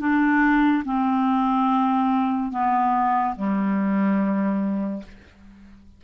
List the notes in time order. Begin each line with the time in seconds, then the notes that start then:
0.00 D4
0.85 C4
2.52 B3
3.36 G3